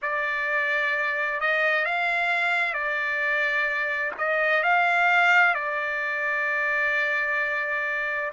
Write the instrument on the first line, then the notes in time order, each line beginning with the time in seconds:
trumpet
0.02 D5
1.40 D#5
1.85 F5
2.73 D5
4.18 D#5
4.63 F5
5.54 D5